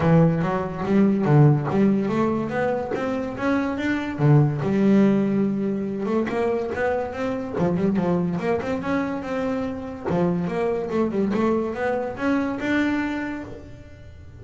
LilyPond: \new Staff \with { instrumentName = "double bass" } { \time 4/4 \tempo 4 = 143 e4 fis4 g4 d4 | g4 a4 b4 c'4 | cis'4 d'4 d4 g4~ | g2~ g8 a8 ais4 |
b4 c'4 f8 g8 f4 | ais8 c'8 cis'4 c'2 | f4 ais4 a8 g8 a4 | b4 cis'4 d'2 | }